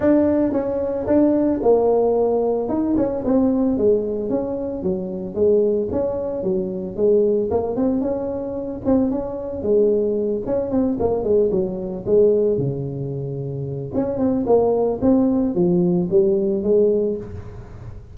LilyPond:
\new Staff \with { instrumentName = "tuba" } { \time 4/4 \tempo 4 = 112 d'4 cis'4 d'4 ais4~ | ais4 dis'8 cis'8 c'4 gis4 | cis'4 fis4 gis4 cis'4 | fis4 gis4 ais8 c'8 cis'4~ |
cis'8 c'8 cis'4 gis4. cis'8 | c'8 ais8 gis8 fis4 gis4 cis8~ | cis2 cis'8 c'8 ais4 | c'4 f4 g4 gis4 | }